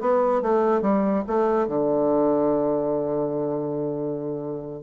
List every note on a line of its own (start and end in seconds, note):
0.00 0.41 B3
0.41 0.81 A3
0.81 1.24 G3
1.27 1.67 A3
1.67 4.82 D3